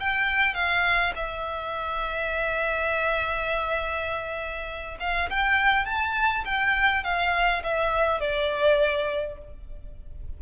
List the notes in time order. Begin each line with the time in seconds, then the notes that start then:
0.00 G5
0.55 F5
1.16 E5
5.00 F5
5.30 G5
5.86 A5
6.45 G5
7.04 F5
7.64 E5
8.21 D5